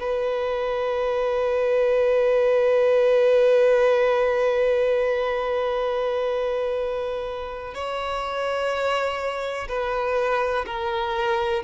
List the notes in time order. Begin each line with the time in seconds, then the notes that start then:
0.00 B4
7.75 C#5
9.68 B4
10.66 A#4